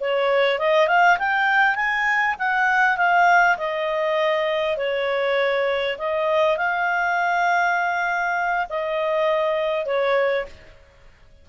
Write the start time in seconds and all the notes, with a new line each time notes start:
0.00 C#5
0.59 D#5
0.88 F5
1.19 G5
1.75 G#5
2.39 F#5
2.97 F5
3.58 D#5
4.77 C#5
5.98 D#5
6.57 F5
8.70 D#5
9.86 C#5